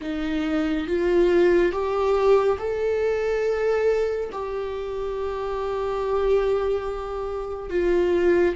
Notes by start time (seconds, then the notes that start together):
0.01 D#4
0.87 F4
1.71 G4
2.58 A4
4.32 G4
7.69 F4